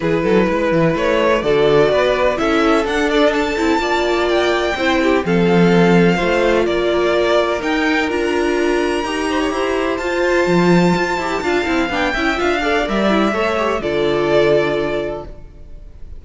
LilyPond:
<<
  \new Staff \with { instrumentName = "violin" } { \time 4/4 \tempo 4 = 126 b'2 cis''4 d''4~ | d''4 e''4 fis''8 d''8 a''4~ | a''4 g''2 f''4~ | f''2 d''2 |
g''4 ais''2.~ | ais''4 a''2.~ | a''4 g''4 f''4 e''4~ | e''4 d''2. | }
  \new Staff \with { instrumentName = "violin" } { \time 4/4 gis'8 a'8 b'2 a'4 | b'4 a'2. | d''2 c''8 g'8 a'4~ | a'4 c''4 ais'2~ |
ais'2.~ ais'8 c''16 cis''16 | c''1 | f''4. e''4 d''4. | cis''4 a'2. | }
  \new Staff \with { instrumentName = "viola" } { \time 4/4 e'2. fis'4~ | fis'4 e'4 d'4. e'8 | f'2 e'4 c'4~ | c'4 f'2. |
dis'4 f'2 g'4~ | g'4 f'2~ f'8 g'8 | f'8 e'8 d'8 e'8 f'8 a'8 ais'8 e'8 | a'8 g'8 f'2. | }
  \new Staff \with { instrumentName = "cello" } { \time 4/4 e8 fis8 gis8 e8 a4 d4 | b4 cis'4 d'4. c'8 | ais2 c'4 f4~ | f4 a4 ais2 |
dis'4 d'2 dis'4 | e'4 f'4 f4 f'8 e'8 | d'8 c'8 b8 cis'8 d'4 g4 | a4 d2. | }
>>